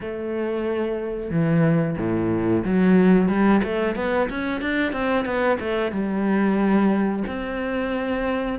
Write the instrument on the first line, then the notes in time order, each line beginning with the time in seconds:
cello
0.00 A3
1.30 E3
1.98 A2
2.64 F#3
3.28 G3
3.63 A3
3.95 B3
4.29 C#4
4.61 D4
4.92 C4
5.25 B3
5.59 A3
5.91 G3
7.27 C4